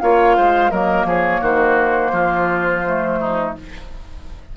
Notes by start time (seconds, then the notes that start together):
0.00 A#3 F4 C#5 F5
0.37 G#3 C5
0.71 F#3 A#3 A#4 D#5
1.05 F3 G#4 C#5
1.41 D#3 F#4 C5
2.12 F3 F4
2.86 A3
3.20 D#4